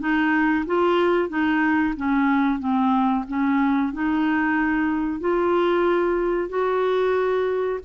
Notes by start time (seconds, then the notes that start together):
0.00 D#4
0.66 F4
1.29 D#4
1.97 C#4
2.59 C4
3.28 C#4
3.93 D#4
5.20 F4
6.49 F#4